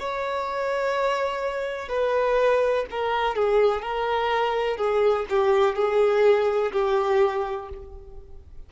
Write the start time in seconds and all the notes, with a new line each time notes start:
0.00 C#5
1.89 B4
2.91 A#4
3.36 G#4
3.82 A#4
4.78 G#4
5.30 G4
5.76 G#4
6.73 G4